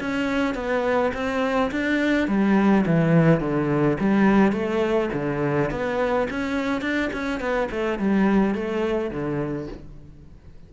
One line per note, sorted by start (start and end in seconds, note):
0.00 0.54 C#4
0.54 1.11 B3
1.13 1.70 C4
1.71 2.28 D4
2.28 2.85 G3
2.86 3.40 E3
3.40 3.97 D3
3.99 4.52 G3
4.52 5.09 A3
5.13 5.70 D3
5.70 6.28 B3
6.30 6.81 C#4
6.81 7.10 D4
7.13 7.40 C#4
7.40 7.68 B3
7.70 7.98 A3
7.98 8.54 G3
8.54 9.10 A3
9.10 9.67 D3